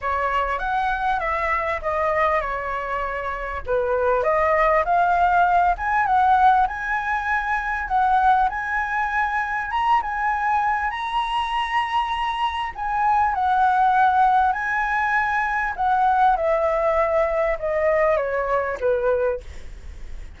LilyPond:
\new Staff \with { instrumentName = "flute" } { \time 4/4 \tempo 4 = 99 cis''4 fis''4 e''4 dis''4 | cis''2 b'4 dis''4 | f''4. gis''8 fis''4 gis''4~ | gis''4 fis''4 gis''2 |
ais''8 gis''4. ais''2~ | ais''4 gis''4 fis''2 | gis''2 fis''4 e''4~ | e''4 dis''4 cis''4 b'4 | }